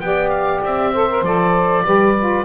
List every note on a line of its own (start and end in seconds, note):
0.00 0.62 B3
0.00 0.94 G4
0.00 0.92 D5
0.00 0.29 G5
0.29 0.60 F5
0.63 1.22 C4
0.63 1.25 E5
0.92 1.09 A4
0.92 1.84 C5
1.09 1.24 A#4
1.22 1.83 F3
1.22 1.85 A4
1.22 2.45 D5
1.84 2.45 G3
1.84 2.15 G4
1.84 2.45 B4
2.19 2.45 F4